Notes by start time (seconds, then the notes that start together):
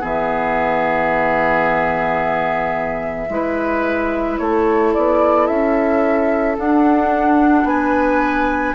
0.00 E3 B3 G#4 E5
3.29 G#3 E4 B4
4.37 A3 A4 C#5
4.93 B3 D5
5.46 C#4 E5
6.57 D4 F#5
7.64 B3 B4 G#5